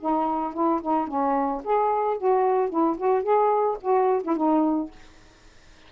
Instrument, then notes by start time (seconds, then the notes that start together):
saxophone
0.00 D#4
0.53 E4
0.81 D#4
1.07 C#4
1.64 G#4
2.17 F#4
2.70 E4
2.97 F#4
3.23 G#4
3.81 F#4
4.23 E4
4.36 D#4